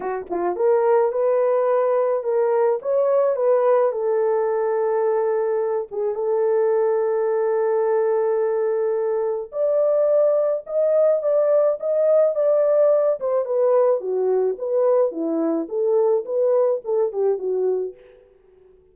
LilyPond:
\new Staff \with { instrumentName = "horn" } { \time 4/4 \tempo 4 = 107 fis'8 f'8 ais'4 b'2 | ais'4 cis''4 b'4 a'4~ | a'2~ a'8 gis'8 a'4~ | a'1~ |
a'4 d''2 dis''4 | d''4 dis''4 d''4. c''8 | b'4 fis'4 b'4 e'4 | a'4 b'4 a'8 g'8 fis'4 | }